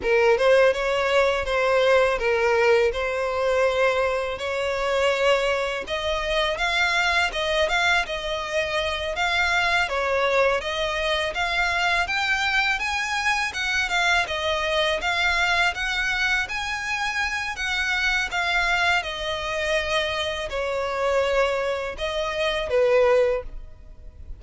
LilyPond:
\new Staff \with { instrumentName = "violin" } { \time 4/4 \tempo 4 = 82 ais'8 c''8 cis''4 c''4 ais'4 | c''2 cis''2 | dis''4 f''4 dis''8 f''8 dis''4~ | dis''8 f''4 cis''4 dis''4 f''8~ |
f''8 g''4 gis''4 fis''8 f''8 dis''8~ | dis''8 f''4 fis''4 gis''4. | fis''4 f''4 dis''2 | cis''2 dis''4 b'4 | }